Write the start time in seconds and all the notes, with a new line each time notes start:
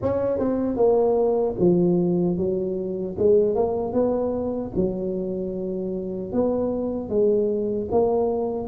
0.01 C#4
0.38 C4
0.76 A#3
1.59 F3
2.37 F#3
3.18 G#3
3.55 A#3
3.93 B3
4.75 F#3
6.32 B3
7.09 G#3
7.91 A#3